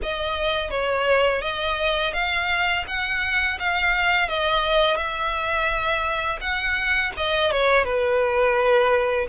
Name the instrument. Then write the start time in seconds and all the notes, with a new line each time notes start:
violin
0.02 D#5
0.70 C#5
1.41 D#5
2.13 F5
2.87 F#5
3.59 F5
4.28 D#5
4.96 E5
6.40 F#5
7.16 D#5
7.51 C#5
7.84 B4